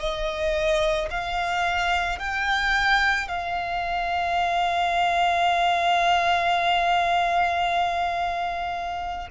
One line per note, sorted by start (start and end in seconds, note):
0.00 1.09 D#5
1.11 2.19 F5
2.19 3.28 G5
3.28 9.28 F5